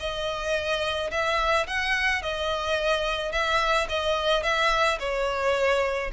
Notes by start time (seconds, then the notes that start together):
0.00 D#5
1.12 E5
1.67 F#5
2.22 D#5
3.32 E5
3.89 D#5
4.43 E5
5.00 C#5